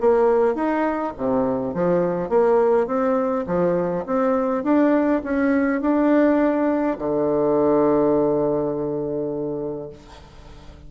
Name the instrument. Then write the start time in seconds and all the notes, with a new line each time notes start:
bassoon
0.00 A#3
0.55 D#4
1.17 C3
1.74 F3
2.29 A#3
2.86 C4
3.47 F3
4.06 C4
4.63 D4
5.23 C#4
5.81 D4
6.98 D3